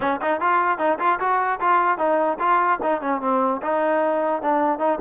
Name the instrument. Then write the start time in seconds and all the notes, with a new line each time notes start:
trombone
0.00 C#4
0.21 D#4
0.40 F4
0.78 D#4
0.99 F4
1.19 F#4
1.60 F4
1.97 D#4
2.39 F4
2.82 D#4
3.01 C#4
3.21 C4
3.61 D#4
4.41 D4
4.78 D#4